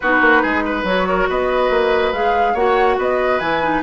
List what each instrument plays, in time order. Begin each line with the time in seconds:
0.00 bassoon B3, clarinet D#4, oboe F#4, flute B4
0.20 bassoon A#3
0.42 bassoon G#3, oboe G#4
0.65 oboe B4
0.83 bassoon F#3, clarinet F#4, flute C#5
1.08 oboe A#4
1.28 bassoon B3, oboe B4, flute D#5
1.70 bassoon A#3
2.12 bassoon G#3, clarinet G#4, flute F5
2.53 bassoon A#3, clarinet F#4, oboe C#5, flute F#5
2.98 bassoon B3, oboe B4, flute D#5
3.39 bassoon E3, clarinet E4, flute G#5
3.62 clarinet D#4